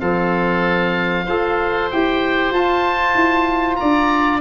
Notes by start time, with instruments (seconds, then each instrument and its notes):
0.00 tuba F3, trombone C4, oboe A4 F5
1.25 tuba F4, trombone A4, oboe C5
1.91 tuba E4, trombone G4, oboe G5
2.51 tuba F4, trombone F4, oboe A5
3.15 tuba E4
3.76 oboe D5 A#5
3.82 tuba D4